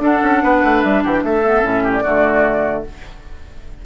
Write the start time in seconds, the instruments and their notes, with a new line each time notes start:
0.00 bassoon D4, clarinet D4, oboe A4, flute F#5
0.23 bassoon C#4
0.43 bassoon B3, oboe B4
0.64 bassoon A3
0.83 bassoon G3, flute E5
1.04 bassoon E3, oboe G4, flute F#5
1.12 flute G5
1.23 bassoon A3, oboe A4, flute E5
1.44 clarinet B3
1.62 bassoon A2, clarinet C#4
1.84 oboe G4
1.93 flute D5
2.03 bassoon D3, clarinet A3, oboe F#4